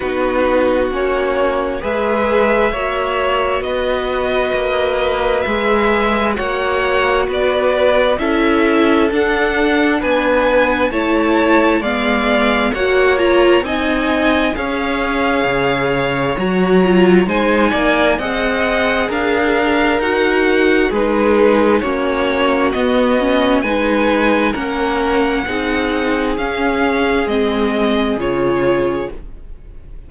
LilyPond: <<
  \new Staff \with { instrumentName = "violin" } { \time 4/4 \tempo 4 = 66 b'4 cis''4 e''2 | dis''2 e''4 fis''4 | d''4 e''4 fis''4 gis''4 | a''4 f''4 fis''8 ais''8 gis''4 |
f''2 ais''4 gis''4 | fis''4 f''4 fis''4 b'4 | cis''4 dis''4 gis''4 fis''4~ | fis''4 f''4 dis''4 cis''4 | }
  \new Staff \with { instrumentName = "violin" } { \time 4/4 fis'2 b'4 cis''4 | b'2. cis''4 | b'4 a'2 b'4 | cis''4 d''4 cis''4 dis''4 |
cis''2. c''8 d''8 | dis''4 ais'2 gis'4 | fis'2 b'4 ais'4 | gis'1 | }
  \new Staff \with { instrumentName = "viola" } { \time 4/4 dis'4 cis'4 gis'4 fis'4~ | fis'2 gis'4 fis'4~ | fis'4 e'4 d'2 | e'4 b4 fis'8 f'8 dis'4 |
gis'2 fis'8 f'8 dis'4 | gis'2 fis'4 dis'4 | cis'4 b8 cis'8 dis'4 cis'4 | dis'4 cis'4 c'4 f'4 | }
  \new Staff \with { instrumentName = "cello" } { \time 4/4 b4 ais4 gis4 ais4 | b4 ais4 gis4 ais4 | b4 cis'4 d'4 b4 | a4 gis4 ais4 c'4 |
cis'4 cis4 fis4 gis8 ais8 | c'4 d'4 dis'4 gis4 | ais4 b4 gis4 ais4 | c'4 cis'4 gis4 cis4 | }
>>